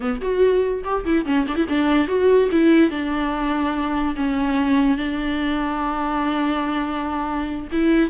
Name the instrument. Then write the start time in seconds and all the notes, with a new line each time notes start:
viola
0.00 B3
0.21 F#4
0.84 G4
1.05 E4
1.25 C#4
1.47 D4
1.56 E4
1.68 D4
2.07 F#4
2.51 E4
2.90 D4
4.16 C#4
4.97 D4
7.72 E4